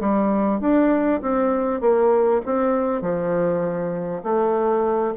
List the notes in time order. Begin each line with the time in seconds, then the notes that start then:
0.00 G3
0.61 D4
1.22 C4
1.81 A#3
2.46 C4
3.02 F3
4.23 A3